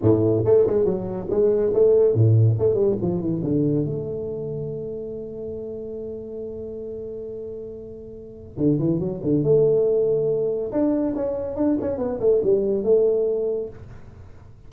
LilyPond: \new Staff \with { instrumentName = "tuba" } { \time 4/4 \tempo 4 = 140 a,4 a8 gis8 fis4 gis4 | a4 a,4 a8 g8 f8 e8 | d4 a2.~ | a1~ |
a1 | d8 e8 fis8 d8 a2~ | a4 d'4 cis'4 d'8 cis'8 | b8 a8 g4 a2 | }